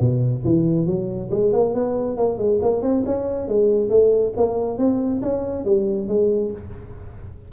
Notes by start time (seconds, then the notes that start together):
0.00 B2
0.44 E3
0.87 F#3
1.31 G#3
1.53 A#3
1.75 B3
2.17 A#3
2.38 G#3
2.62 A#3
2.82 C4
3.06 C#4
3.48 G#3
3.90 A3
4.37 A#3
4.78 C4
5.22 C#4
5.65 G3
6.08 G#3